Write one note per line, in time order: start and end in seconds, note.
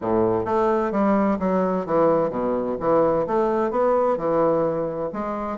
0.01 0.45 A2
0.45 0.91 A3
0.91 1.38 G3
1.39 1.85 F#3
1.85 2.30 E3
2.30 2.76 B2
2.80 3.26 E3
3.26 3.70 A3
3.70 4.17 B3
4.17 5.10 E3
5.13 5.58 G#3